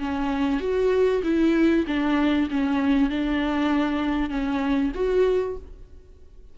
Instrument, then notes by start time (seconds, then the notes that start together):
viola
0.00 C#4
0.61 F#4
1.24 E4
1.88 D4
2.51 C#4
3.10 D4
4.30 C#4
4.95 F#4